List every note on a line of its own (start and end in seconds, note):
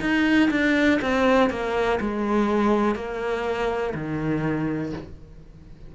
0.00 0.49 D#4
0.50 0.99 D4
1.01 1.50 C4
1.50 1.99 A#3
2.00 2.95 G#3
2.95 3.93 A#3
3.94 4.93 D#3